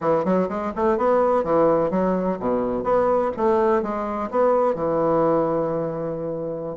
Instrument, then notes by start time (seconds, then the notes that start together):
bassoon
0.00 E3
0.24 F#3
0.48 G#3
0.75 A3
0.97 B3
1.43 E3
1.90 F#3
2.39 B2
2.83 B3
3.37 A3
3.82 G#3
4.30 B3
4.74 E3